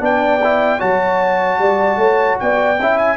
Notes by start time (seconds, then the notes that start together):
0.00 B3 D4 D5 G5
0.44 E4
0.79 F#3 F#4 C#5 A5
1.58 G3 D5
1.97 A3 C#5
2.39 B3 D5 G5
2.80 C#4 E4 E5
2.98 G#5